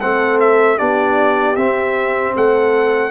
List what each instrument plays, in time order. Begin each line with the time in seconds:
0.00 tuba A3, trombone C4, horn A4, trumpet F#5
0.39 trumpet E5
0.77 tuba B3, trombone D4, horn G4, trumpet D5
1.56 tuba C4, trombone C4, trumpet E5
2.36 tuba A3, horn A4, trumpet F#5